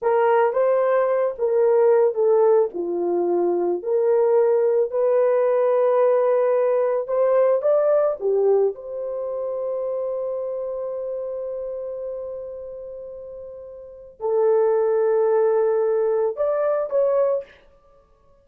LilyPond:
\new Staff \with { instrumentName = "horn" } { \time 4/4 \tempo 4 = 110 ais'4 c''4. ais'4. | a'4 f'2 ais'4~ | ais'4 b'2.~ | b'4 c''4 d''4 g'4 |
c''1~ | c''1~ | c''2 a'2~ | a'2 d''4 cis''4 | }